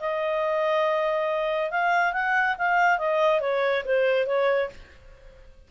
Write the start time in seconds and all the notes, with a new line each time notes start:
0.00 D#5
1.71 F5
2.13 F#5
2.58 F5
2.99 D#5
3.41 C#5
3.85 C5
4.27 C#5